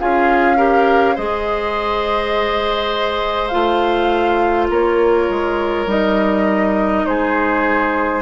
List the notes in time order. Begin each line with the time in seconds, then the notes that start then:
0.00 C#4 F4 G#4 F5
0.57 G4 A#4
1.15 G#3 G#4 C5 D#5
3.49 A3 F4 F5
4.70 A#3 A#4 C#5
5.30 G#3
5.87 G3 D#4 D#5
7.06 G#3 G#4 C5